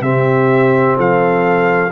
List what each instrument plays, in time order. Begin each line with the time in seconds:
0.00 tuba C3, trombone C4, horn G4, trumpet E5
0.96 tuba F3, horn A4, trumpet F5